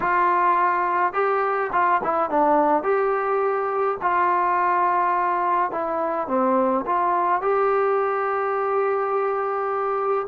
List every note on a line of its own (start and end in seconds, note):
0.00 1.13 F4
1.13 1.70 G4
1.72 2.01 F4
2.03 2.30 E4
2.30 2.83 D4
2.83 3.97 G4
4.01 5.71 F4
5.71 6.27 E4
6.27 6.84 C4
6.86 7.41 F4
7.41 10.27 G4